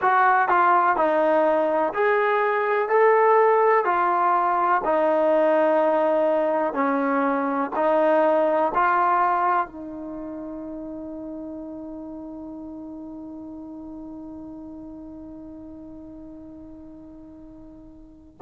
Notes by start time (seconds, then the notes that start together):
0.01 F#4
0.48 F4
0.96 D#4
1.93 G#4
2.89 A4
3.84 F4
4.84 D#4
6.73 C#4
7.75 D#4
8.74 F4
9.66 D#4